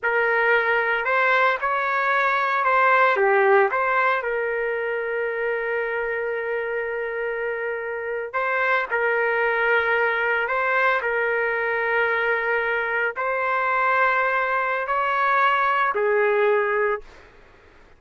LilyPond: \new Staff \with { instrumentName = "trumpet" } { \time 4/4 \tempo 4 = 113 ais'2 c''4 cis''4~ | cis''4 c''4 g'4 c''4 | ais'1~ | ais'2.~ ais'8. c''16~ |
c''8. ais'2. c''16~ | c''8. ais'2.~ ais'16~ | ais'8. c''2.~ c''16 | cis''2 gis'2 | }